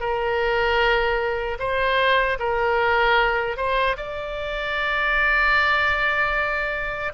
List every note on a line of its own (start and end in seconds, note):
0.00 1.58 A#4
1.59 2.38 C5
2.39 3.57 A#4
3.57 3.97 C5
3.97 7.13 D5